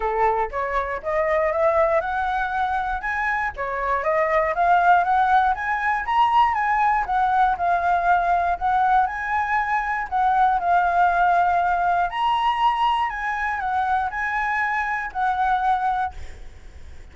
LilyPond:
\new Staff \with { instrumentName = "flute" } { \time 4/4 \tempo 4 = 119 a'4 cis''4 dis''4 e''4 | fis''2 gis''4 cis''4 | dis''4 f''4 fis''4 gis''4 | ais''4 gis''4 fis''4 f''4~ |
f''4 fis''4 gis''2 | fis''4 f''2. | ais''2 gis''4 fis''4 | gis''2 fis''2 | }